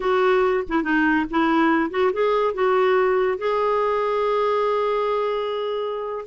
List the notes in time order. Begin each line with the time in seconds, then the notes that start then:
0.00 F#4
0.68 E4
0.83 D#4
1.30 E4
1.90 F#4
2.12 G#4
2.53 F#4
3.38 G#4